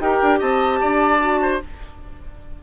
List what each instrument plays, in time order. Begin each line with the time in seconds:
0.00 bassoon D#4, clarinet G4, oboe A#4, flute G5
0.22 bassoon D4
0.39 bassoon C4, oboe D#5, flute A5
0.80 bassoon D4, oboe D5
1.19 clarinet F#4
1.41 oboe C5